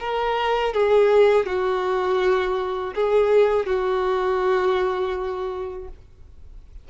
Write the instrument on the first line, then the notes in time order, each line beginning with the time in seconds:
violin
0.00 A#4
0.74 G#4
1.46 F#4
2.95 G#4
3.67 F#4